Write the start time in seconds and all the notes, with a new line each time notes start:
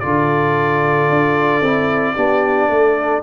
0.00 D3 F4 A4 D5
1.09 D4
1.61 C4 E4
2.15 B3 D4 G4
2.69 A3 A4